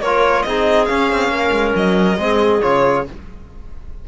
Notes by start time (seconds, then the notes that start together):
0.00 A#3 F4 A#4 C#5
0.42 C4 D#4 G#4 D#5
0.86 C#4 F5
1.12 C4
1.28 A#3 A#4
1.51 G#3
1.75 F#3 D#5
2.18 G#3 C4 G#4
2.62 C#3 F4 C#5